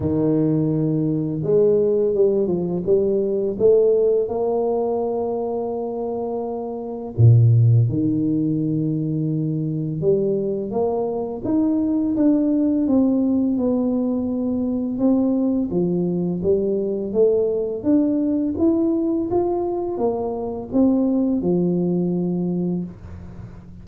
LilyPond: \new Staff \with { instrumentName = "tuba" } { \time 4/4 \tempo 4 = 84 dis2 gis4 g8 f8 | g4 a4 ais2~ | ais2 ais,4 dis4~ | dis2 g4 ais4 |
dis'4 d'4 c'4 b4~ | b4 c'4 f4 g4 | a4 d'4 e'4 f'4 | ais4 c'4 f2 | }